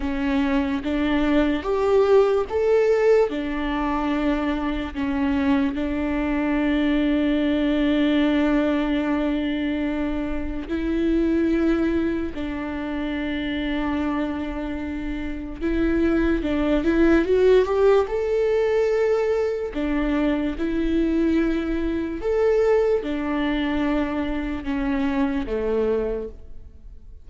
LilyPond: \new Staff \with { instrumentName = "viola" } { \time 4/4 \tempo 4 = 73 cis'4 d'4 g'4 a'4 | d'2 cis'4 d'4~ | d'1~ | d'4 e'2 d'4~ |
d'2. e'4 | d'8 e'8 fis'8 g'8 a'2 | d'4 e'2 a'4 | d'2 cis'4 a4 | }